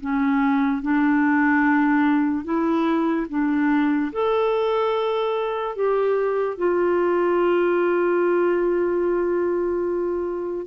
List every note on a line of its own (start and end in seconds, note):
0.00 0.82 C#4
0.82 2.44 D4
2.44 3.27 E4
3.29 4.11 D4
4.12 5.75 A4
5.75 6.58 G4
6.58 10.66 F4